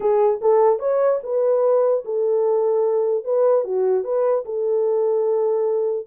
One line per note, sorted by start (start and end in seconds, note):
0.00 0.40 G#4
0.41 0.79 A4
0.79 1.19 C#5
1.23 2.04 B4
2.04 3.24 A4
3.24 3.64 B4
3.64 4.04 F#4
4.04 4.44 B4
4.45 6.06 A4